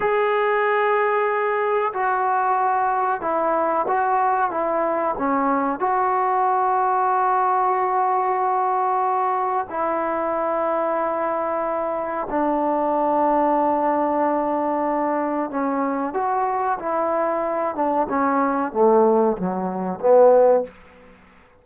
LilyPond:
\new Staff \with { instrumentName = "trombone" } { \time 4/4 \tempo 4 = 93 gis'2. fis'4~ | fis'4 e'4 fis'4 e'4 | cis'4 fis'2.~ | fis'2. e'4~ |
e'2. d'4~ | d'1 | cis'4 fis'4 e'4. d'8 | cis'4 a4 fis4 b4 | }